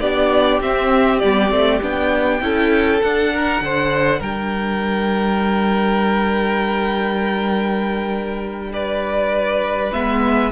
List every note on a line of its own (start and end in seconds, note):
0.00 0.60 B3
0.00 0.61 D4
0.00 2.41 G4
0.00 0.60 D5
0.61 1.21 C4
0.61 1.19 E5
1.19 1.50 G3
1.19 1.50 B3
1.19 1.79 D5
1.50 1.80 A3
1.50 1.80 C4
1.82 2.41 B3
1.82 2.41 D4
1.82 3.02 G5
2.41 3.01 C#4
2.41 3.00 E4
2.41 3.33 A4
3.00 9.90 D4
3.00 3.61 D4
3.00 4.21 F#5
3.33 3.63 A#4
3.61 4.21 D3
3.61 4.19 C5
4.19 9.91 G3
4.19 8.69 A#4
4.19 8.72 G5
8.73 10.51 B4
8.73 9.93 D5
9.93 10.51 G#3
9.93 10.51 B3
9.93 10.51 E5